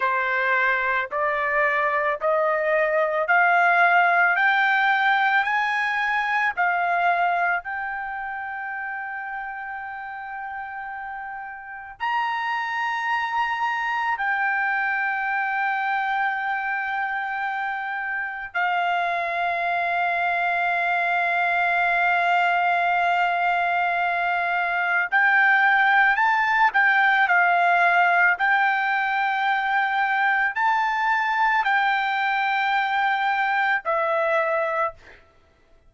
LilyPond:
\new Staff \with { instrumentName = "trumpet" } { \time 4/4 \tempo 4 = 55 c''4 d''4 dis''4 f''4 | g''4 gis''4 f''4 g''4~ | g''2. ais''4~ | ais''4 g''2.~ |
g''4 f''2.~ | f''2. g''4 | a''8 g''8 f''4 g''2 | a''4 g''2 e''4 | }